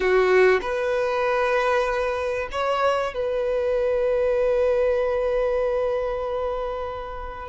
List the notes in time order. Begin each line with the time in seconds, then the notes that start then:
0.00 F#4
0.61 B4
2.51 C#5
3.13 B4